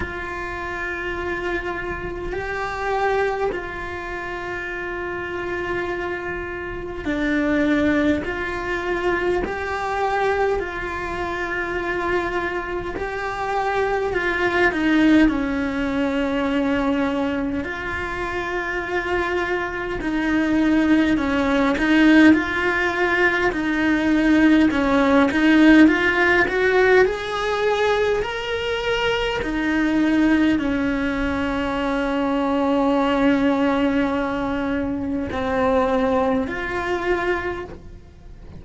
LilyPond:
\new Staff \with { instrumentName = "cello" } { \time 4/4 \tempo 4 = 51 f'2 g'4 f'4~ | f'2 d'4 f'4 | g'4 f'2 g'4 | f'8 dis'8 cis'2 f'4~ |
f'4 dis'4 cis'8 dis'8 f'4 | dis'4 cis'8 dis'8 f'8 fis'8 gis'4 | ais'4 dis'4 cis'2~ | cis'2 c'4 f'4 | }